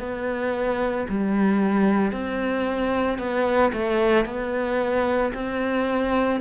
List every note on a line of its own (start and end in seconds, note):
0.00 1.07 B3
1.10 2.12 G3
2.12 3.19 C4
3.19 3.73 B3
3.73 4.26 A3
4.26 5.33 B3
5.34 6.41 C4